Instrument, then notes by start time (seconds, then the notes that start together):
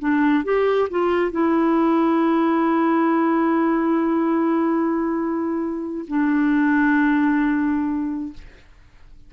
clarinet
0.00 D4
0.44 G4
0.91 F4
1.32 E4
6.08 D4